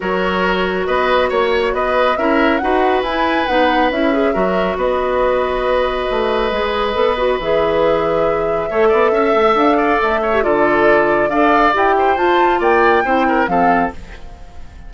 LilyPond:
<<
  \new Staff \with { instrumentName = "flute" } { \time 4/4 \tempo 4 = 138 cis''2 dis''4 cis''4 | dis''4 e''4 fis''4 gis''4 | fis''4 e''2 dis''4~ | dis''1~ |
dis''4 e''2.~ | e''2 f''4 e''4 | d''2 f''4 g''4 | a''4 g''2 f''4 | }
  \new Staff \with { instrumentName = "oboe" } { \time 4/4 ais'2 b'4 cis''4 | b'4 ais'4 b'2~ | b'2 ais'4 b'4~ | b'1~ |
b'1 | cis''8 d''8 e''4. d''4 cis''8 | a'2 d''4. c''8~ | c''4 d''4 c''8 ais'8 a'4 | }
  \new Staff \with { instrumentName = "clarinet" } { \time 4/4 fis'1~ | fis'4 e'4 fis'4 e'4 | dis'4 e'8 gis'8 fis'2~ | fis'2. gis'4 |
a'8 fis'8 gis'2. | a'2.~ a'8. g'16 | f'2 a'4 g'4 | f'2 e'4 c'4 | }
  \new Staff \with { instrumentName = "bassoon" } { \time 4/4 fis2 b4 ais4 | b4 cis'4 dis'4 e'4 | b4 cis'4 fis4 b4~ | b2 a4 gis4 |
b4 e2. | a8 b8 cis'8 a8 d'4 a4 | d2 d'4 e'4 | f'4 ais4 c'4 f4 | }
>>